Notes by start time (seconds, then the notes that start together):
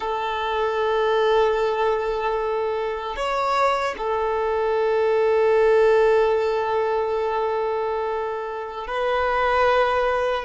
0.00 A4
3.16 C#5
3.97 A4
8.87 B4